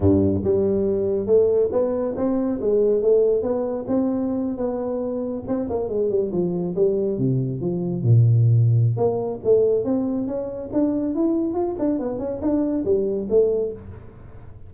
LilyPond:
\new Staff \with { instrumentName = "tuba" } { \time 4/4 \tempo 4 = 140 g,4 g2 a4 | b4 c'4 gis4 a4 | b4 c'4.~ c'16 b4~ b16~ | b8. c'8 ais8 gis8 g8 f4 g16~ |
g8. c4 f4 ais,4~ ais,16~ | ais,4 ais4 a4 c'4 | cis'4 d'4 e'4 f'8 d'8 | b8 cis'8 d'4 g4 a4 | }